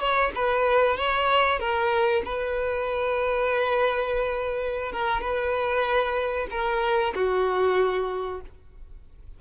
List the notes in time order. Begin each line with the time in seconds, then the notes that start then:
0.00 C#5
0.35 B4
0.97 C#5
1.60 A#4
2.25 B4
4.92 A#4
5.21 B4
6.51 A#4
7.15 F#4